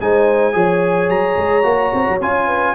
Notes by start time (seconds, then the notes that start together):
0.00 G#3 D#4 C5 G#5
0.52 F3 G#4 C#5
1.09 F#3 A#5
1.36 G#3
1.63 A#3 F#4
1.93 C4
2.08 F#3
2.20 C#4 F4 G#5
2.46 B4